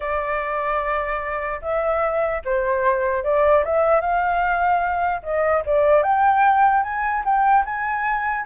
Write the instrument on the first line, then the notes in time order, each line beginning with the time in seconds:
flute
0.00 D5
1.61 E5
2.45 C5
3.23 D5
3.64 E5
4.01 F5
5.22 D#5
5.65 D5
6.02 G5
6.83 G#5
7.24 G5
7.65 G#5